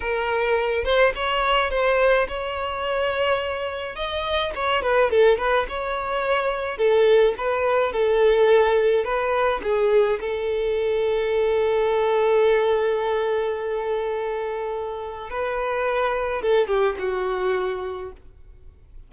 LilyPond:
\new Staff \with { instrumentName = "violin" } { \time 4/4 \tempo 4 = 106 ais'4. c''8 cis''4 c''4 | cis''2. dis''4 | cis''8 b'8 a'8 b'8 cis''2 | a'4 b'4 a'2 |
b'4 gis'4 a'2~ | a'1~ | a'2. b'4~ | b'4 a'8 g'8 fis'2 | }